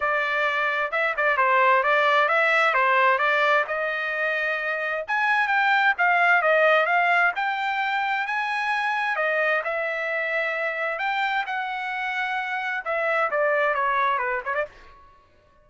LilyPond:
\new Staff \with { instrumentName = "trumpet" } { \time 4/4 \tempo 4 = 131 d''2 e''8 d''8 c''4 | d''4 e''4 c''4 d''4 | dis''2. gis''4 | g''4 f''4 dis''4 f''4 |
g''2 gis''2 | dis''4 e''2. | g''4 fis''2. | e''4 d''4 cis''4 b'8 cis''16 d''16 | }